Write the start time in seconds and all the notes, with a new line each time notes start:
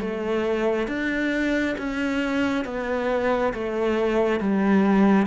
0.00 A3
0.87 D4
1.78 C#4
2.65 B3
3.54 A3
4.40 G3